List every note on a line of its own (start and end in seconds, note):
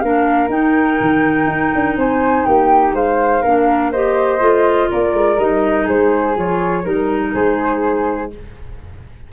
0.00 0.49 A#3
0.00 0.50 D4
0.00 1.99 A#4
0.00 0.49 F5
0.49 0.98 D#4
0.49 3.42 D#4
0.49 1.98 G5
1.01 1.47 D#3
1.47 1.71 D#4
1.75 1.97 D4
1.97 2.45 C4
1.97 2.47 C5
1.97 2.45 G#5
2.45 2.94 A#3
2.45 2.95 G4
2.45 2.94 G5
2.94 3.43 G#3
2.94 3.43 C5
2.94 3.93 F5
3.43 4.41 A#3
3.43 3.95 D4
3.43 3.91 A#4
3.92 4.40 G4
3.92 4.90 C5
3.92 4.90 D#5
4.40 4.90 A3
4.40 5.37 F4
4.90 5.14 A#3
4.90 5.85 A#4
4.90 5.39 D5
5.14 5.38 G#3
5.38 5.87 G3
5.38 6.36 D#4
5.38 5.88 D#5
5.85 6.37 G#3
5.85 6.83 G#4
5.85 6.37 C5
6.36 6.86 F3
6.36 6.84 F4
6.36 6.86 C#5
6.84 7.35 G3
6.84 8.30 D#4
6.84 7.33 A#4
6.84 7.35 A#4
7.34 8.33 G#3
7.34 8.32 G#4
7.34 8.32 C5